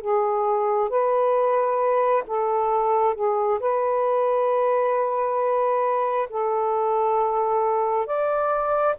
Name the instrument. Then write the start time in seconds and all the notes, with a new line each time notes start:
saxophone
0.00 G#4
0.89 B4
2.26 A4
3.14 G#4
3.59 B4
6.29 A4
8.06 D5